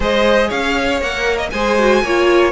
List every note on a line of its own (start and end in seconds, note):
0.00 0.50 G#3
0.00 1.00 G#4
0.00 0.48 C5
0.00 0.50 D#5
0.48 1.01 C#4
0.48 1.49 C#5
0.48 1.01 F5
1.00 1.51 A#3
1.00 1.51 A#4
1.00 1.37 F#5
1.37 1.49 D#5
1.50 2.02 G#3
1.50 1.78 G#4
1.50 2.03 C5
1.50 2.52 G#5
1.78 2.04 F#4
2.02 2.52 A#3
2.02 2.52 F4
2.02 2.52 C#5